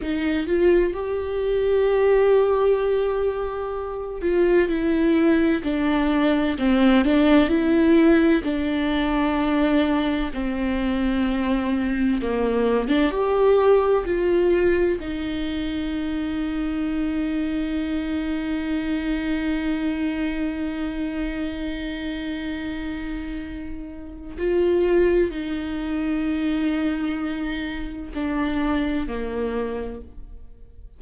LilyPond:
\new Staff \with { instrumentName = "viola" } { \time 4/4 \tempo 4 = 64 dis'8 f'8 g'2.~ | g'8 f'8 e'4 d'4 c'8 d'8 | e'4 d'2 c'4~ | c'4 ais8. d'16 g'4 f'4 |
dis'1~ | dis'1~ | dis'2 f'4 dis'4~ | dis'2 d'4 ais4 | }